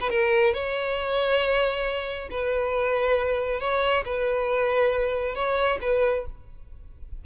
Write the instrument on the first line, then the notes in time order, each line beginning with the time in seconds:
violin
0.00 B4
0.10 A#4
0.54 C#5
2.30 B4
3.60 C#5
4.05 B4
5.35 C#5
5.81 B4